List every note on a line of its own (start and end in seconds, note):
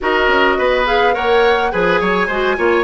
0.00 0.27 D#4
0.00 0.85 F#4
0.00 0.58 A#4
0.00 0.86 D#5
0.27 0.56 C#4
0.58 1.15 B3
0.58 1.14 B4
0.85 1.13 G#4
0.85 1.14 F5
1.13 1.73 A#3
1.13 1.70 A#4
1.13 1.71 C#5
1.13 1.71 F#5
1.71 2.01 F3
1.71 2.28 G#4
1.71 2.00 B4
1.71 2.83 G#5
2.00 2.28 F#3
2.00 2.27 C#5
2.27 2.57 G#3
2.27 2.57 F#4
2.27 2.55 C5
2.57 2.83 A#3
2.57 2.83 F4
2.57 2.83 C#5